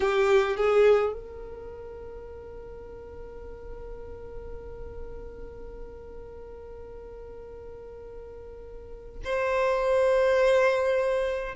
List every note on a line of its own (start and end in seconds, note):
0.00 0.56 G4
0.56 1.12 G#4
1.12 9.20 A#4
9.24 11.55 C5